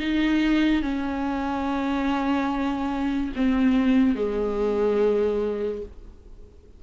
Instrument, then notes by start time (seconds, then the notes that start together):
viola
0.00 D#4
0.83 C#4
3.36 C4
4.16 G#3